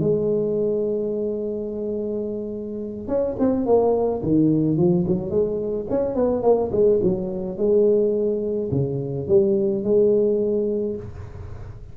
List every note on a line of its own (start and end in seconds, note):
0.00 3.08 G#3
3.08 3.36 C#4
3.39 3.66 C4
3.66 4.22 A#3
4.22 4.77 D#3
4.77 5.05 F3
5.07 5.30 F#3
5.30 5.86 G#3
5.90 6.15 C#4
6.15 6.42 B3
6.42 6.70 A#3
6.72 7.00 G#3
7.03 7.57 F#3
7.57 8.69 G#3
8.71 9.28 C#3
9.28 9.84 G3
9.84 10.96 G#3